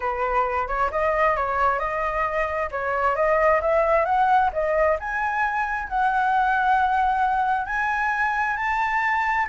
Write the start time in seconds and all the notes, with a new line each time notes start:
0.00 B4
0.67 C#5
0.91 D#5
1.36 C#5
1.79 D#5
2.71 C#5
3.15 D#5
3.61 E5
4.05 F#5
4.52 D#5
4.99 G#5
5.88 F#5
7.66 G#5
8.56 A5